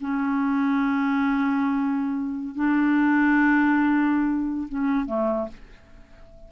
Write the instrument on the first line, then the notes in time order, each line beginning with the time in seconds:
clarinet
0.00 C#4
2.55 D4
4.69 C#4
5.06 A3